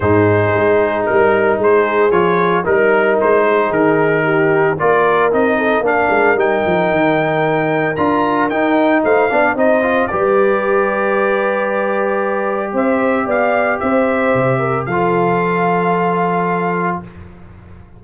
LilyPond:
<<
  \new Staff \with { instrumentName = "trumpet" } { \time 4/4 \tempo 4 = 113 c''2 ais'4 c''4 | cis''4 ais'4 c''4 ais'4~ | ais'4 d''4 dis''4 f''4 | g''2. ais''4 |
g''4 f''4 dis''4 d''4~ | d''1 | e''4 f''4 e''2 | f''1 | }
  \new Staff \with { instrumentName = "horn" } { \time 4/4 gis'2 ais'4 gis'4~ | gis'4 ais'4. gis'4. | g'4 ais'4. a'8 ais'4~ | ais'1~ |
ais'4 c''8 d''8 c''4 b'4~ | b'1 | c''4 d''4 c''4. ais'8 | a'1 | }
  \new Staff \with { instrumentName = "trombone" } { \time 4/4 dis'1 | f'4 dis'2.~ | dis'4 f'4 dis'4 d'4 | dis'2. f'4 |
dis'4. d'8 dis'8 f'8 g'4~ | g'1~ | g'1 | f'1 | }
  \new Staff \with { instrumentName = "tuba" } { \time 4/4 gis,4 gis4 g4 gis4 | f4 g4 gis4 dis4~ | dis4 ais4 c'4 ais8 gis8 | g8 f8 dis2 d'4 |
dis'4 a8 b8 c'4 g4~ | g1 | c'4 b4 c'4 c4 | f1 | }
>>